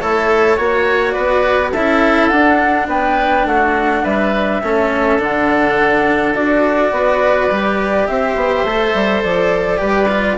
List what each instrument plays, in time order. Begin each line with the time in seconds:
0.00 bassoon A3, oboe E4, cello A4, flute C#5
0.57 bassoon A#3, cello F#4, oboe C#5
1.12 bassoon B3, oboe B4, flute D5
1.72 bassoon C#4, cello E4, oboe A4, flute E5
2.29 cello D4, bassoon D4, flute F#5
2.87 bassoon B3, oboe B4, flute G5
3.45 bassoon A3, oboe F#4, flute F#5
4.03 bassoon G3, oboe B4, flute E5
4.63 bassoon A3, cello C#4, oboe A4
5.19 bassoon D3, cello D4, flute F#5
6.35 bassoon D4, cello F#4, flute D5
6.92 bassoon B3, oboe B4
7.51 bassoon G3, cello G4
8.07 bassoon C4, oboe C5, flute E5
8.36 bassoon B3
8.64 bassoon A3, cello A4
8.94 bassoon G3
9.23 bassoon F3, flute D5
9.78 bassoon G3, cello G4, oboe B4
10.09 cello F4